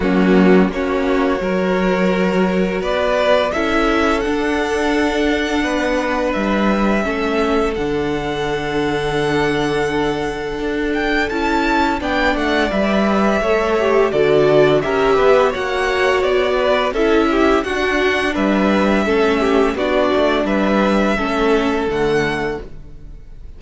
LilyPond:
<<
  \new Staff \with { instrumentName = "violin" } { \time 4/4 \tempo 4 = 85 fis'4 cis''2. | d''4 e''4 fis''2~ | fis''4 e''2 fis''4~ | fis''2.~ fis''8 g''8 |
a''4 g''8 fis''8 e''2 | d''4 e''4 fis''4 d''4 | e''4 fis''4 e''2 | d''4 e''2 fis''4 | }
  \new Staff \with { instrumentName = "violin" } { \time 4/4 cis'4 fis'4 ais'2 | b'4 a'2. | b'2 a'2~ | a'1~ |
a'4 d''2 cis''4 | a'4 ais'8 b'8 cis''4. b'8 | a'8 g'8 fis'4 b'4 a'8 g'8 | fis'4 b'4 a'2 | }
  \new Staff \with { instrumentName = "viola" } { \time 4/4 ais4 cis'4 fis'2~ | fis'4 e'4 d'2~ | d'2 cis'4 d'4~ | d'1 |
e'4 d'4 b'4 a'8 g'8 | fis'4 g'4 fis'2 | e'4 d'2 cis'4 | d'2 cis'4 a4 | }
  \new Staff \with { instrumentName = "cello" } { \time 4/4 fis4 ais4 fis2 | b4 cis'4 d'2 | b4 g4 a4 d4~ | d2. d'4 |
cis'4 b8 a8 g4 a4 | d4 cis'8 b8 ais4 b4 | cis'4 d'4 g4 a4 | b8 a8 g4 a4 d4 | }
>>